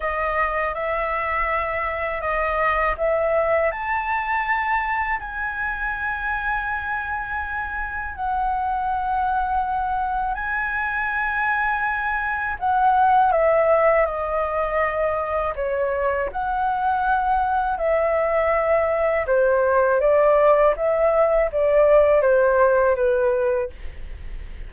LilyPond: \new Staff \with { instrumentName = "flute" } { \time 4/4 \tempo 4 = 81 dis''4 e''2 dis''4 | e''4 a''2 gis''4~ | gis''2. fis''4~ | fis''2 gis''2~ |
gis''4 fis''4 e''4 dis''4~ | dis''4 cis''4 fis''2 | e''2 c''4 d''4 | e''4 d''4 c''4 b'4 | }